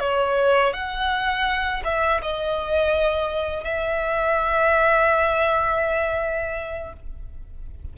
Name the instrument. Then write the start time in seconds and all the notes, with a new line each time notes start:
violin
0.00 C#5
0.73 F#5
1.84 E5
2.22 D#5
3.64 E5